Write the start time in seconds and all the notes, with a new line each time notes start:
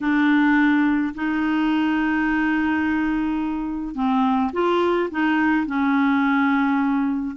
0.01 D4
1.14 D#4
3.94 C4
4.53 F4
5.10 D#4
5.66 C#4